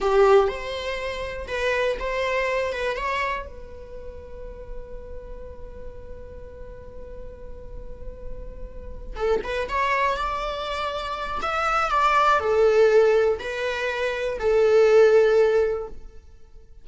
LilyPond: \new Staff \with { instrumentName = "viola" } { \time 4/4 \tempo 4 = 121 g'4 c''2 b'4 | c''4. b'8 cis''4 b'4~ | b'1~ | b'1~ |
b'2~ b'8 a'8 b'8 cis''8~ | cis''8 d''2~ d''8 e''4 | d''4 a'2 b'4~ | b'4 a'2. | }